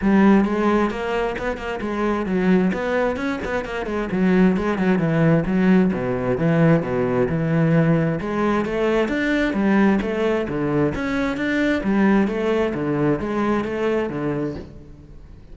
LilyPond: \new Staff \with { instrumentName = "cello" } { \time 4/4 \tempo 4 = 132 g4 gis4 ais4 b8 ais8 | gis4 fis4 b4 cis'8 b8 | ais8 gis8 fis4 gis8 fis8 e4 | fis4 b,4 e4 b,4 |
e2 gis4 a4 | d'4 g4 a4 d4 | cis'4 d'4 g4 a4 | d4 gis4 a4 d4 | }